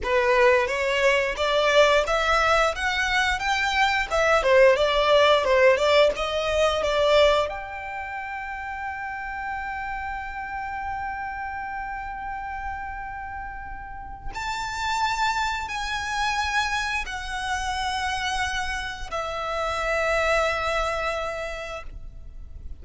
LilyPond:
\new Staff \with { instrumentName = "violin" } { \time 4/4 \tempo 4 = 88 b'4 cis''4 d''4 e''4 | fis''4 g''4 e''8 c''8 d''4 | c''8 d''8 dis''4 d''4 g''4~ | g''1~ |
g''1~ | g''4 a''2 gis''4~ | gis''4 fis''2. | e''1 | }